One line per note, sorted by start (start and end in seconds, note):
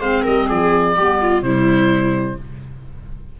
0.00 0.24 G#3
0.00 0.97 C4
0.00 0.23 C5
0.00 0.25 F5
0.23 0.50 G3
0.23 0.46 A#4
0.23 0.49 D#5
0.46 0.98 F3
0.46 0.94 G#4
0.46 1.42 D5
0.96 1.42 G3
0.96 1.43 B3
0.96 1.20 G4
1.21 1.45 F4
1.42 2.37 C3
1.42 2.38 G3
1.42 2.40 E4
1.42 2.38 C5